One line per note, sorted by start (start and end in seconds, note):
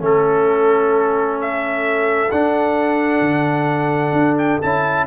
0.00 2.29 A3
0.00 2.29 C#4
0.00 5.07 A4
0.00 1.41 A4
1.41 2.31 E5
2.31 3.21 D4
2.31 4.62 D4
2.31 4.37 F#5
3.21 4.12 D3
4.12 4.58 D4
4.38 4.61 G5
4.61 5.07 C#4
4.61 5.07 E4
4.61 5.07 A5